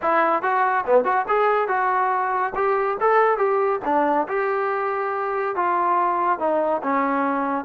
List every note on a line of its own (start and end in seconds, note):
0.02 0.42 E4
0.42 0.85 F#4
0.86 1.04 B3
1.04 1.25 F#4
1.28 1.68 G#4
1.68 2.53 F#4
2.55 2.97 G4
3.00 3.37 A4
3.37 3.80 G4
3.84 4.27 D4
4.28 5.55 G4
5.55 6.39 F4
6.39 6.81 D#4
6.82 7.64 C#4